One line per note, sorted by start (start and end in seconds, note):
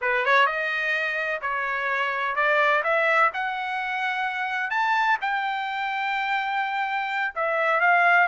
0.01 0.25 B4
0.25 0.46 C#5
0.46 1.40 D#5
1.41 2.35 C#5
2.35 2.82 D5
2.83 3.30 E5
3.33 4.70 F#5
4.70 5.17 A5
5.21 7.34 G5
7.35 7.80 E5
7.80 8.27 F5